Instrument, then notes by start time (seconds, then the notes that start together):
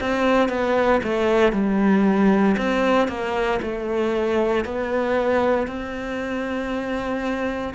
cello
0.00 C4
0.49 B3
1.03 A3
1.52 G3
2.57 C4
3.08 A#3
3.62 A3
4.65 B3
5.67 C4